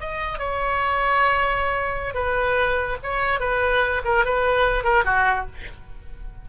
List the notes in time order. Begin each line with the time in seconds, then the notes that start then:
0.00 D#5
0.39 C#5
2.14 B4
3.03 C#5
3.40 B4
4.04 A#4
4.25 B4
4.84 A#4
5.04 F#4